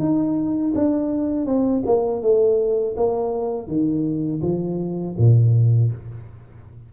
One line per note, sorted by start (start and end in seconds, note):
0.00 0.74 D#4
0.76 1.46 D4
1.46 1.84 C4
1.87 2.22 A#3
2.22 2.96 A3
2.97 3.68 A#3
3.68 4.42 D#3
4.42 5.16 F3
5.18 5.92 A#2